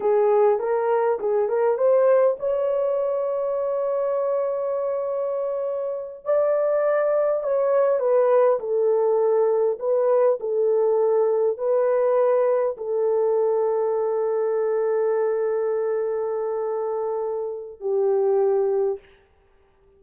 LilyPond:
\new Staff \with { instrumentName = "horn" } { \time 4/4 \tempo 4 = 101 gis'4 ais'4 gis'8 ais'8 c''4 | cis''1~ | cis''2~ cis''8 d''4.~ | d''8 cis''4 b'4 a'4.~ |
a'8 b'4 a'2 b'8~ | b'4. a'2~ a'8~ | a'1~ | a'2 g'2 | }